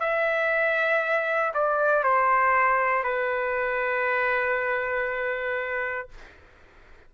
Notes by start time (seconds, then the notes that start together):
0.00 E5
1.54 D5
2.04 C5
3.04 B4